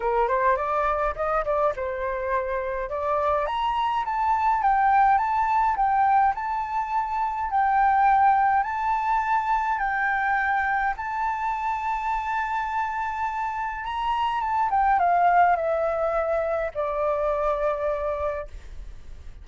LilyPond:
\new Staff \with { instrumentName = "flute" } { \time 4/4 \tempo 4 = 104 ais'8 c''8 d''4 dis''8 d''8 c''4~ | c''4 d''4 ais''4 a''4 | g''4 a''4 g''4 a''4~ | a''4 g''2 a''4~ |
a''4 g''2 a''4~ | a''1 | ais''4 a''8 g''8 f''4 e''4~ | e''4 d''2. | }